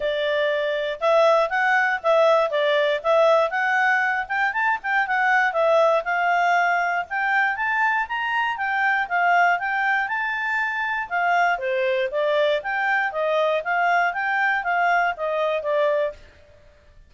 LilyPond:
\new Staff \with { instrumentName = "clarinet" } { \time 4/4 \tempo 4 = 119 d''2 e''4 fis''4 | e''4 d''4 e''4 fis''4~ | fis''8 g''8 a''8 g''8 fis''4 e''4 | f''2 g''4 a''4 |
ais''4 g''4 f''4 g''4 | a''2 f''4 c''4 | d''4 g''4 dis''4 f''4 | g''4 f''4 dis''4 d''4 | }